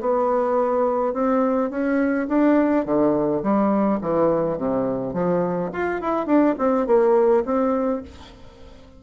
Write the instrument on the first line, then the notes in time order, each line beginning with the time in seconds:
bassoon
0.00 B3
1.13 C4
1.70 C#4
2.28 D4
2.85 D3
3.42 G3
4.01 E3
4.58 C3
5.13 F3
5.72 F4
6.01 E4
6.26 D4
6.58 C4
6.86 A#3
7.45 C4